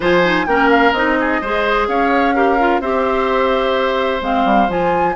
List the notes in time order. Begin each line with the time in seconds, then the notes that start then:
0.00 F3 F4 C5 G#5
0.24 D#4
0.46 A#3 C#4 A#4 G5
0.70 F5
0.92 C4 D#4 D#5
1.20 G#4
1.41 G#3 G#4 C5
1.87 C#4 C#5 F5
2.34 G4 A#4
2.58 F4
2.80 C4 G4 C5 E5
4.21 G#3 C4 F5
4.44 G3
4.68 F3 F4 G#5